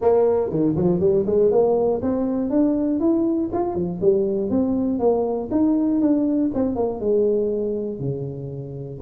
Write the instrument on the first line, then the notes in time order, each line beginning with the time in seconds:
tuba
0.01 A#3
0.50 D#3
0.75 F3
1.00 G3
1.26 G#3
1.51 A#3
2.02 C4
2.50 D4
3.00 E4
3.52 F4
3.74 F3
4.01 G3
4.50 C4
4.99 A#3
5.51 D#4
6.01 D4
6.54 C4
6.75 A#3
7.00 G#3
7.99 C#3